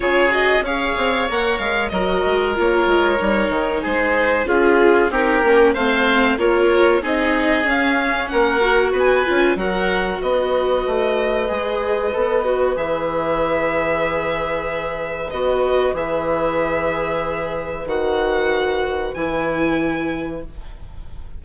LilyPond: <<
  \new Staff \with { instrumentName = "violin" } { \time 4/4 \tempo 4 = 94 cis''8 dis''8 f''4 fis''8 f''8 dis''4 | cis''2 c''4 gis'4 | ais'4 f''4 cis''4 dis''4 | f''4 fis''4 gis''4 fis''4 |
dis''1 | e''1 | dis''4 e''2. | fis''2 gis''2 | }
  \new Staff \with { instrumentName = "oboe" } { \time 4/4 gis'4 cis''2 ais'4~ | ais'2 gis'4 f'4 | g'4 c''4 ais'4 gis'4~ | gis'4 ais'4 b'4 ais'4 |
b'1~ | b'1~ | b'1~ | b'1 | }
  \new Staff \with { instrumentName = "viola" } { \time 4/4 f'8 fis'8 gis'4 ais'4 fis'4 | f'4 dis'2 f'4 | dis'8 cis'8 c'4 f'4 dis'4 | cis'4. fis'4 f'8 fis'4~ |
fis'2 gis'4 a'8 fis'8 | gis'1 | fis'4 gis'2. | fis'2 e'2 | }
  \new Staff \with { instrumentName = "bassoon" } { \time 4/4 cis4 cis'8 c'8 ais8 gis8 fis8 gis8 | ais8 gis8 g8 dis8 gis4 cis'4 | c'8 ais8 a4 ais4 c'4 | cis'4 ais4 b8 cis'8 fis4 |
b4 a4 gis4 b4 | e1 | b4 e2. | dis2 e2 | }
>>